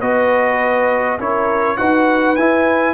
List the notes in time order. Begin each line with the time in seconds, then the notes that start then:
0.00 B3 F#4 B4 D#5
1.18 C#4 E4 A#4 C#5
1.77 D#4 F#4 B4 F#5
2.36 E4 G#5